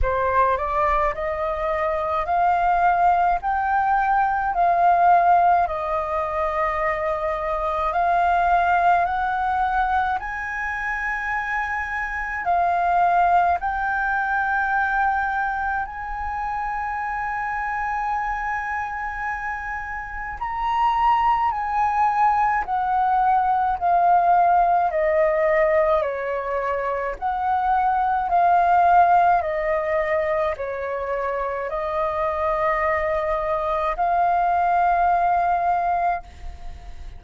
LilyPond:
\new Staff \with { instrumentName = "flute" } { \time 4/4 \tempo 4 = 53 c''8 d''8 dis''4 f''4 g''4 | f''4 dis''2 f''4 | fis''4 gis''2 f''4 | g''2 gis''2~ |
gis''2 ais''4 gis''4 | fis''4 f''4 dis''4 cis''4 | fis''4 f''4 dis''4 cis''4 | dis''2 f''2 | }